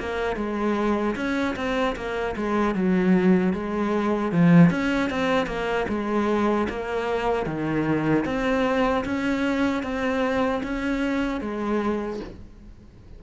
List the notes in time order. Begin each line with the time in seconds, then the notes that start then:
0.00 A#3
0.37 G#3
1.16 C#4
1.56 C4
1.96 A#3
2.37 G#3
2.75 F#3
3.54 G#3
4.32 F3
4.71 C#4
5.10 C4
5.47 A#3
5.89 G#3
6.70 A#3
7.46 D#3
8.26 C4
9.05 C#4
9.83 C4
10.64 C#4
11.42 G#3